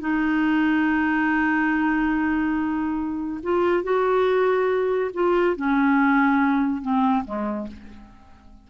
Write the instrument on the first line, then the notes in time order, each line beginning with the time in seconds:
clarinet
0.00 D#4
3.43 F4
3.83 F#4
5.14 F4
5.56 C#4
6.82 C4
7.25 G#3